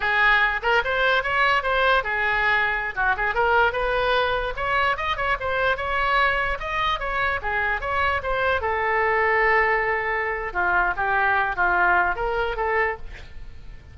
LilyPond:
\new Staff \with { instrumentName = "oboe" } { \time 4/4 \tempo 4 = 148 gis'4. ais'8 c''4 cis''4 | c''4 gis'2~ gis'16 fis'8 gis'16~ | gis'16 ais'4 b'2 cis''8.~ | cis''16 dis''8 cis''8 c''4 cis''4.~ cis''16~ |
cis''16 dis''4 cis''4 gis'4 cis''8.~ | cis''16 c''4 a'2~ a'8.~ | a'2 f'4 g'4~ | g'8 f'4. ais'4 a'4 | }